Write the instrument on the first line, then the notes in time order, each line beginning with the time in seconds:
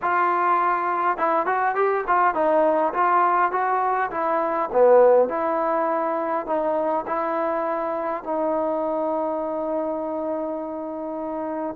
trombone
0.02 F4
1.17 E4
1.45 F#4
1.75 G4
2.07 F4
2.34 D#4
2.93 F4
3.51 F#4
4.10 E4
4.72 B3
5.28 E4
6.46 D#4
7.06 E4
8.23 D#4